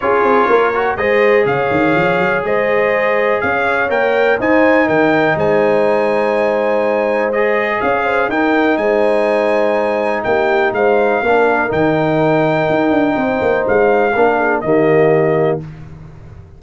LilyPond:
<<
  \new Staff \with { instrumentName = "trumpet" } { \time 4/4 \tempo 4 = 123 cis''2 dis''4 f''4~ | f''4 dis''2 f''4 | g''4 gis''4 g''4 gis''4~ | gis''2. dis''4 |
f''4 g''4 gis''2~ | gis''4 g''4 f''2 | g''1 | f''2 dis''2 | }
  \new Staff \with { instrumentName = "horn" } { \time 4/4 gis'4 ais'4 c''4 cis''4~ | cis''4 c''2 cis''4~ | cis''4 c''4 ais'4 c''4~ | c''1 |
cis''8 c''8 ais'4 c''2~ | c''4 g'4 c''4 ais'4~ | ais'2. c''4~ | c''4 ais'8 gis'8 g'2 | }
  \new Staff \with { instrumentName = "trombone" } { \time 4/4 f'4. fis'8 gis'2~ | gis'1 | ais'4 dis'2.~ | dis'2. gis'4~ |
gis'4 dis'2.~ | dis'2. d'4 | dis'1~ | dis'4 d'4 ais2 | }
  \new Staff \with { instrumentName = "tuba" } { \time 4/4 cis'8 c'8 ais4 gis4 cis8 dis8 | f8 fis8 gis2 cis'4 | ais4 dis'4 dis4 gis4~ | gis1 |
cis'4 dis'4 gis2~ | gis4 ais4 gis4 ais4 | dis2 dis'8 d'8 c'8 ais8 | gis4 ais4 dis2 | }
>>